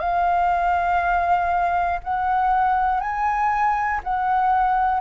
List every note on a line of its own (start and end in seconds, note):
0.00 2.00 F5
2.04 3.00 F#5
3.00 4.00 G#5
4.04 5.00 F#5